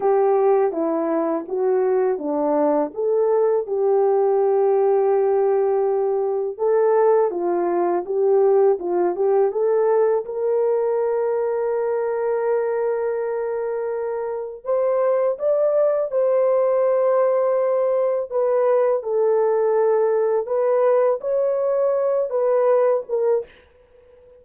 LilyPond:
\new Staff \with { instrumentName = "horn" } { \time 4/4 \tempo 4 = 82 g'4 e'4 fis'4 d'4 | a'4 g'2.~ | g'4 a'4 f'4 g'4 | f'8 g'8 a'4 ais'2~ |
ais'1 | c''4 d''4 c''2~ | c''4 b'4 a'2 | b'4 cis''4. b'4 ais'8 | }